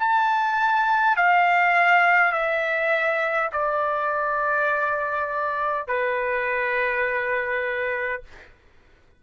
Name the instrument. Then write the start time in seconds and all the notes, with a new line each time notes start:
trumpet
0.00 A5
1.17 F5
2.33 E5
3.52 D5
5.88 B4